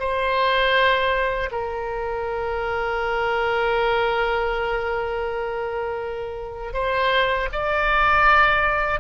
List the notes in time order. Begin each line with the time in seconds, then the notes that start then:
0.00 C5
1.52 A#4
6.74 C5
7.52 D5